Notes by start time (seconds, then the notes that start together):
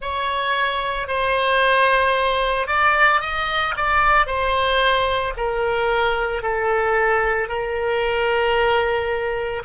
0.01 C#5
1.07 C5
2.67 D5
3.20 D#5
3.76 D5
4.26 C5
5.36 A#4
6.42 A4
7.48 A#4